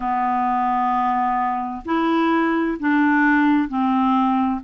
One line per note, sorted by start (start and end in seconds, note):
0.00 1.83 B3
1.85 2.77 E4
2.79 3.68 D4
3.68 4.60 C4